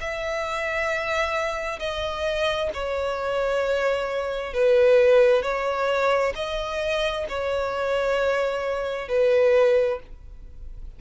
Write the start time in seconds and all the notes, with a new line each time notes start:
0.00 E5
1.79 D#5
2.73 C#5
4.53 B4
5.42 C#5
6.35 D#5
7.29 C#5
9.08 B4